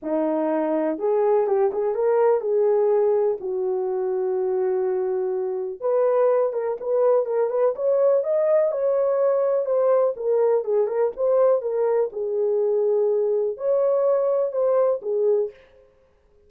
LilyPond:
\new Staff \with { instrumentName = "horn" } { \time 4/4 \tempo 4 = 124 dis'2 gis'4 g'8 gis'8 | ais'4 gis'2 fis'4~ | fis'1 | b'4. ais'8 b'4 ais'8 b'8 |
cis''4 dis''4 cis''2 | c''4 ais'4 gis'8 ais'8 c''4 | ais'4 gis'2. | cis''2 c''4 gis'4 | }